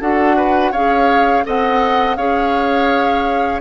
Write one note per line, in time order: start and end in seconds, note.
0.00 0.73 D4
0.00 0.73 F#4
0.00 0.36 A4
0.00 0.73 F#5
0.37 0.72 B4
0.72 1.45 C#4
0.72 1.44 G#4
0.72 1.44 C#5
0.72 1.45 F5
1.44 2.17 C4
1.44 2.17 A4
1.44 2.17 D#5
1.44 2.16 F#5
2.16 3.61 C#4
2.16 3.61 G#4
2.16 3.61 C#5
2.16 3.61 F5